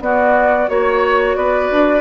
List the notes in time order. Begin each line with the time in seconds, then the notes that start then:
0.00 B3 F#4 D5
0.68 A#3 F#4 C#5
1.36 B3 B4 D5
1.71 D4